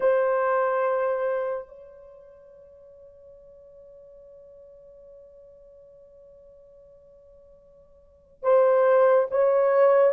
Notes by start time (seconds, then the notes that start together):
0.00 C5
1.68 C#5
8.42 C5
9.30 C#5